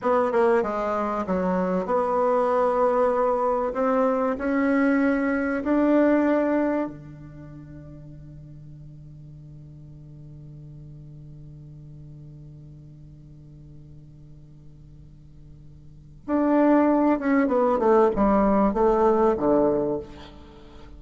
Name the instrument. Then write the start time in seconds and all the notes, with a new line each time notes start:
bassoon
0.02 B3
0.32 A#3
0.62 G#3
1.26 F#3
1.85 B3
3.73 C4
4.38 C#4
5.63 D4
6.87 D3
16.27 D4
17.19 C#4
17.47 B3
17.78 A3
18.15 G3
18.73 A3
19.37 D3